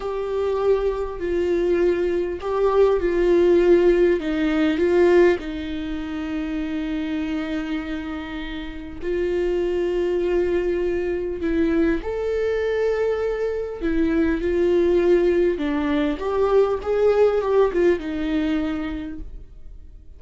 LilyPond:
\new Staff \with { instrumentName = "viola" } { \time 4/4 \tempo 4 = 100 g'2 f'2 | g'4 f'2 dis'4 | f'4 dis'2.~ | dis'2. f'4~ |
f'2. e'4 | a'2. e'4 | f'2 d'4 g'4 | gis'4 g'8 f'8 dis'2 | }